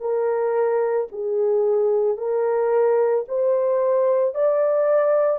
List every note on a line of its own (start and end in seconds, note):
0.00 1.07 A#4
1.12 2.17 G#4
2.17 3.24 A#4
3.28 4.34 C5
4.34 5.38 D5